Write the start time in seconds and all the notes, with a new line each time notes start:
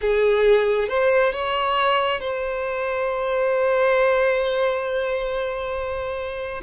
0.01 G#4
0.88 C5
1.32 C#5
2.20 C5